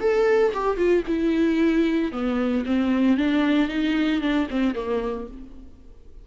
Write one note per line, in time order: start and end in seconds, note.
0.00 0.53 A4
0.54 0.77 G4
0.77 1.04 F4
1.07 2.12 E4
2.12 2.65 B3
2.66 3.17 C4
3.17 3.69 D4
3.69 4.21 D#4
4.21 4.48 D4
4.50 4.75 C4
4.75 5.28 A#3